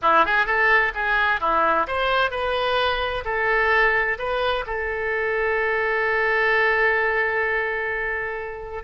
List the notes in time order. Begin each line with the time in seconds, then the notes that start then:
0.02 E4
0.25 G#4
0.45 A4
0.94 G#4
1.40 E4
1.87 C5
2.30 B4
3.25 A4
4.18 B4
4.66 A4